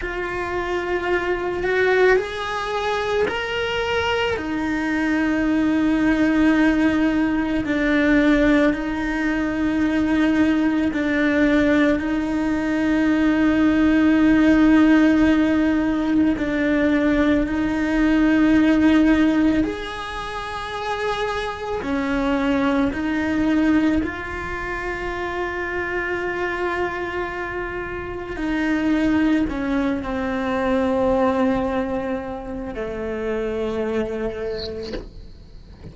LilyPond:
\new Staff \with { instrumentName = "cello" } { \time 4/4 \tempo 4 = 55 f'4. fis'8 gis'4 ais'4 | dis'2. d'4 | dis'2 d'4 dis'4~ | dis'2. d'4 |
dis'2 gis'2 | cis'4 dis'4 f'2~ | f'2 dis'4 cis'8 c'8~ | c'2 a2 | }